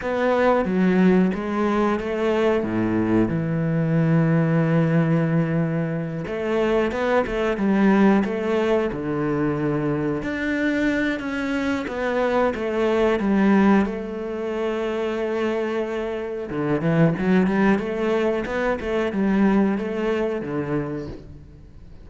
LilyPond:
\new Staff \with { instrumentName = "cello" } { \time 4/4 \tempo 4 = 91 b4 fis4 gis4 a4 | a,4 e2.~ | e4. a4 b8 a8 g8~ | g8 a4 d2 d'8~ |
d'4 cis'4 b4 a4 | g4 a2.~ | a4 d8 e8 fis8 g8 a4 | b8 a8 g4 a4 d4 | }